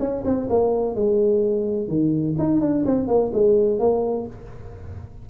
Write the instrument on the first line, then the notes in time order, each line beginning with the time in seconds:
tuba
0.00 C#4
0.25 C4
0.50 A#3
0.96 G#3
1.88 D#3
2.39 D#4
2.61 D4
2.86 C4
3.08 A#3
3.33 G#3
3.80 A#3